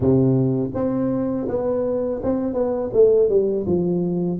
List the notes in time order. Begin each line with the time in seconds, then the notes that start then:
0.00 C3
0.74 C4
1.48 B3
2.23 C4
2.53 B3
2.93 A3
3.29 G3
3.66 F3